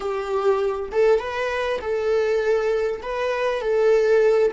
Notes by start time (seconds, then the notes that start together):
0.00 G4
0.92 A4
1.19 B4
1.81 A4
3.02 B4
3.61 A4